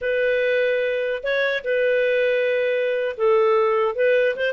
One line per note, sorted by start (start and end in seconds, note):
0.01 1.23 B4
1.23 1.63 C#5
1.64 3.16 B4
3.17 3.95 A4
3.95 4.35 B4
4.36 4.53 C5